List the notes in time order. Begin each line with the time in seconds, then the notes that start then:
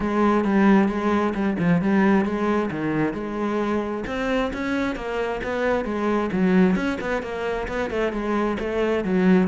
0.00 G#3
0.44 G3
0.88 G#3
1.34 G3
1.59 F3
1.81 G3
2.25 G#3
2.70 D#3
3.13 G#3
4.06 C4
4.53 C#4
4.95 A#3
5.43 B3
5.84 G#3
6.32 F#3
6.75 C#4
7.00 B3
7.22 A#3
7.68 B3
7.90 A3
8.12 G#3
8.59 A3
9.04 F#3